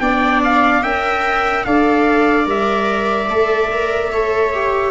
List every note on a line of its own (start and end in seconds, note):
0.00 0.83 B3
0.00 0.83 D4
0.00 0.82 D5
0.00 0.41 G5
0.44 0.83 F5
0.82 1.65 C#4
0.82 1.66 A#4
0.82 1.64 E5
0.82 1.65 G5
1.65 2.47 D4
1.65 2.45 A4
1.65 4.12 D5
1.65 2.47 F5
2.45 3.29 G3
2.45 3.27 A#4
2.45 4.91 E5
3.29 4.91 A3
3.29 3.71 A4
3.72 4.13 A#4
4.12 4.54 A4
4.12 4.91 C#5
4.54 4.91 G4